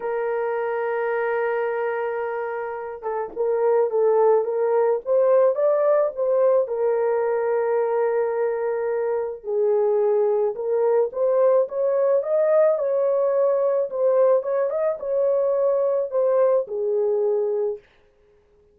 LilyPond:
\new Staff \with { instrumentName = "horn" } { \time 4/4 \tempo 4 = 108 ais'1~ | ais'4. a'8 ais'4 a'4 | ais'4 c''4 d''4 c''4 | ais'1~ |
ais'4 gis'2 ais'4 | c''4 cis''4 dis''4 cis''4~ | cis''4 c''4 cis''8 dis''8 cis''4~ | cis''4 c''4 gis'2 | }